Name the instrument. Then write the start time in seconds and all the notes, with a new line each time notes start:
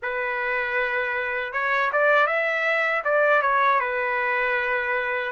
trumpet
0.02 B4
1.52 C#5
1.92 D5
2.26 E5
3.04 D5
3.42 C#5
3.80 B4